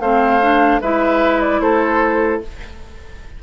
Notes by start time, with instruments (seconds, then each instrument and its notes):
0.00 bassoon A3, clarinet C4, oboe C5, flute F5
0.42 clarinet D4
0.81 bassoon G#3, clarinet E4, oboe B4, flute E5
1.41 flute D5
1.60 bassoon A3, oboe A4, flute C5